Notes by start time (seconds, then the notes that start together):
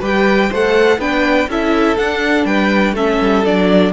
0.00 G3 G4 B4 G5
0.49 A3 A4 C5 F#5
0.98 B3 D4 B4 G5
1.47 C#4 E4 A4 E5
1.97 D4 F#5
2.45 G3 B4 G5
2.92 A3 C#4 A4 E5
3.21 G3
3.45 F#3 D4 D5